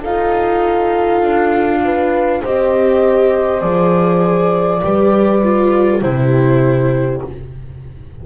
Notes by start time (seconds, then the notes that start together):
0.00 D#4 F4 A4 F5
1.22 D4
1.84 B4
2.42 C4 G4 C5 D#5
3.60 F3 G#4 D5
4.81 G3 G4 B4
5.43 F4
6.01 C3 E4 G4 C5